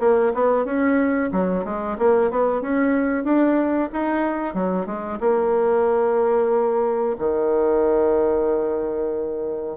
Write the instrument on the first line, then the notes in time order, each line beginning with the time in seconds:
bassoon
0.00 A#3
0.34 B3
0.65 C#4
1.32 F#3
1.65 G#3
1.98 A#3
2.31 B3
2.61 C#4
3.24 D4
3.93 D#4
4.54 F#3
4.86 G#3
5.21 A#3
7.19 D#3